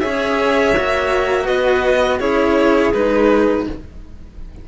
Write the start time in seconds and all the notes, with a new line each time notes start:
0.00 C#4 G#4 C#5 E5
0.76 A#3 F#4
1.43 B3 B4 D#5
2.19 C#4 E4 G#4 C#5
2.93 G#3 D#4 B4